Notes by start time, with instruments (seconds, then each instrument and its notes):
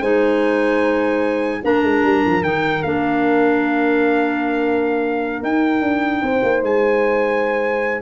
0.00 tuba G#3, clarinet D#4, horn C5, trumpet G#5
1.62 tuba A#3, clarinet D4, horn A#4, trumpet A#5
1.82 tuba G#3
2.03 tuba G3
2.26 tuba F3
2.41 tuba D#3, clarinet D#4, trumpet G5
2.82 tuba A#3, clarinet D4, trumpet F5
5.43 tuba D#4, clarinet D#4, trumpet G5
5.81 tuba D4
6.22 tuba C4, horn C5
6.42 tuba A#3
6.62 tuba G#3, trumpet G#5